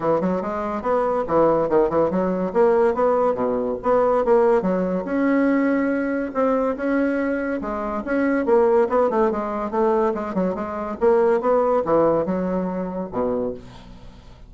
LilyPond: \new Staff \with { instrumentName = "bassoon" } { \time 4/4 \tempo 4 = 142 e8 fis8 gis4 b4 e4 | dis8 e8 fis4 ais4 b4 | b,4 b4 ais4 fis4 | cis'2. c'4 |
cis'2 gis4 cis'4 | ais4 b8 a8 gis4 a4 | gis8 fis8 gis4 ais4 b4 | e4 fis2 b,4 | }